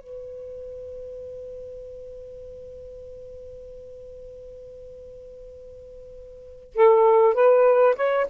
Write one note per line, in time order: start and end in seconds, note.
0.00 6.73 B4
6.74 7.34 A4
7.34 7.95 B4
7.95 8.26 C#5